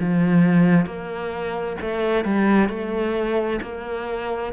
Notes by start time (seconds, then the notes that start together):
0.00 F3
0.86 A#3
1.81 A3
2.25 G3
2.69 A3
3.62 A#3